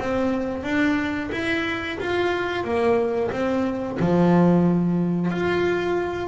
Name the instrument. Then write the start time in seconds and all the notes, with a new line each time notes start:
double bass
0.00 C4
0.64 D4
1.32 E4
2.00 F4
2.65 A#3
3.32 C4
4.00 F3
5.32 F4